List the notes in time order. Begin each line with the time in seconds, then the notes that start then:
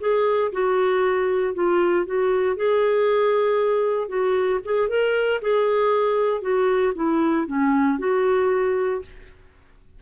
0.00 G#4
0.52 F#4
1.54 F4
2.06 F#4
2.56 G#4
4.08 F#4
4.65 G#4
4.89 A#4
5.41 G#4
6.41 F#4
6.95 E4
7.47 C#4
7.98 F#4